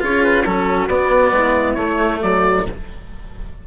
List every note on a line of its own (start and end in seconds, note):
0.00 0.45 C#4
0.00 0.44 F4
0.00 0.45 G#4
0.00 0.23 C#5
0.23 0.43 B4
0.43 0.87 F#3
0.43 0.89 C#4
0.43 1.34 F#4
0.43 0.87 A4
0.87 1.31 B3
0.87 1.78 B3
0.87 1.74 D5
1.32 1.75 G#3
1.32 2.21 E4
1.74 2.20 A3
1.74 2.66 A3
1.74 2.17 C#5
2.22 2.67 F#3
2.22 2.66 F#4
2.22 2.66 D5